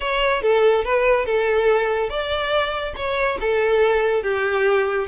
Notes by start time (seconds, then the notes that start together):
0.00 C#5
0.42 A4
0.84 B4
1.25 A4
2.09 D5
2.96 C#5
3.40 A4
4.23 G4